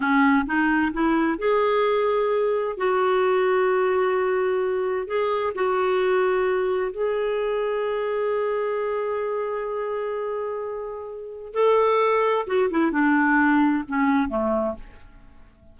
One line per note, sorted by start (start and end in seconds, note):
0.00 0.45 C#4
0.46 0.92 D#4
0.93 1.38 E4
1.38 2.77 G#4
2.77 5.07 F#4
5.07 5.53 G#4
5.54 6.91 F#4
6.91 11.53 G#4
11.53 12.46 A4
12.46 12.69 F#4
12.70 12.91 E4
12.91 13.84 D4
13.88 14.28 C#4
14.28 14.75 A3